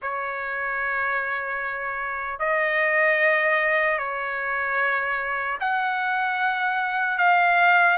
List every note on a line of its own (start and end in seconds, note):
0.02 2.39 C#5
2.39 3.98 D#5
3.98 5.58 C#5
5.60 7.17 F#5
7.17 7.97 F5